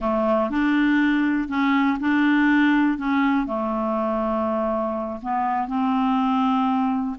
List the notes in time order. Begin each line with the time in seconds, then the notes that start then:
0.00 A3
0.50 D4
1.48 C#4
2.00 D4
2.98 C#4
3.46 A3
5.22 B3
5.67 C4